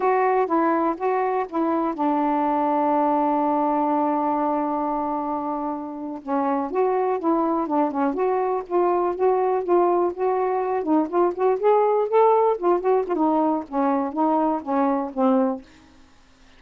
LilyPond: \new Staff \with { instrumentName = "saxophone" } { \time 4/4 \tempo 4 = 123 fis'4 e'4 fis'4 e'4 | d'1~ | d'1~ | d'8. cis'4 fis'4 e'4 d'16~ |
d'16 cis'8 fis'4 f'4 fis'4 f'16~ | f'8. fis'4. dis'8 f'8 fis'8 gis'16~ | gis'8. a'4 f'8 fis'8 f'16 dis'4 | cis'4 dis'4 cis'4 c'4 | }